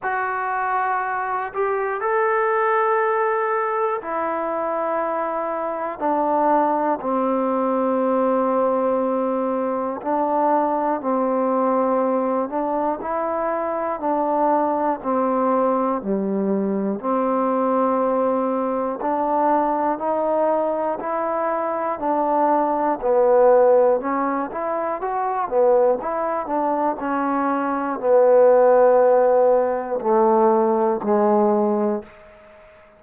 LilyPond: \new Staff \with { instrumentName = "trombone" } { \time 4/4 \tempo 4 = 60 fis'4. g'8 a'2 | e'2 d'4 c'4~ | c'2 d'4 c'4~ | c'8 d'8 e'4 d'4 c'4 |
g4 c'2 d'4 | dis'4 e'4 d'4 b4 | cis'8 e'8 fis'8 b8 e'8 d'8 cis'4 | b2 a4 gis4 | }